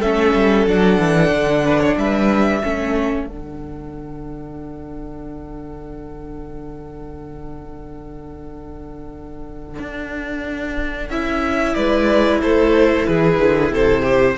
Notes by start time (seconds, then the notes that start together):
0.00 A3 C#4 A4 E5
0.34 G3
0.66 F#3 D4 F#5
0.99 E3
1.31 D3
1.65 B4
1.80 C#5
1.97 G3 B4 E5
2.61 A3 C#4 A4
3.27 D3 D4 F#5
9.79 D4
11.10 C#4 E4 E5
11.74 G#3 B4 D5
12.42 A3 A4 C5
13.06 E3 G#4 B4
13.39 D3
13.71 C3 A4 C5
14.03 G4